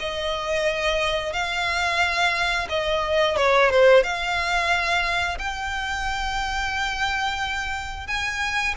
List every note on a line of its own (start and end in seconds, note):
0.00 1.33 D#5
1.33 2.68 F5
2.70 3.36 D#5
3.36 3.70 C#5
3.70 4.04 C5
4.04 5.38 F5
5.39 8.07 G5
8.07 8.75 G#5